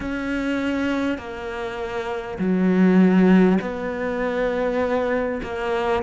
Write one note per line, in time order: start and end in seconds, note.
0.00 1.17 C#4
1.17 2.37 A#3
2.38 3.58 F#3
3.61 5.41 B3
5.43 6.03 A#3